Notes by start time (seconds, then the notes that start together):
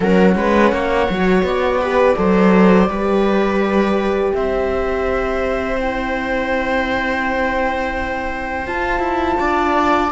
0.00 F#3 C#4 A#4 F#5
0.35 G#3 B4
0.72 A#3 C#5
1.09 F#3 F#4
1.42 B3 D5
1.81 G4 B4
2.16 F#3 A4 C5
2.88 G3 G4 B4
4.34 C4 C5 E5
5.78 E4 G5
8.66 F4 A5
8.99 E4
9.39 D4 D5